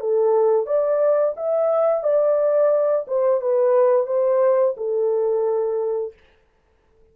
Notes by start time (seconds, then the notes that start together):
0.00 A4
0.66 D5
1.37 E5
2.03 D5
3.07 C5
3.41 B4
4.07 C5
4.77 A4